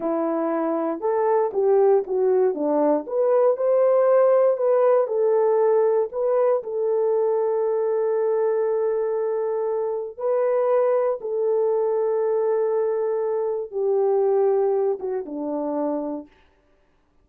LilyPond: \new Staff \with { instrumentName = "horn" } { \time 4/4 \tempo 4 = 118 e'2 a'4 g'4 | fis'4 d'4 b'4 c''4~ | c''4 b'4 a'2 | b'4 a'2.~ |
a'1 | b'2 a'2~ | a'2. g'4~ | g'4. fis'8 d'2 | }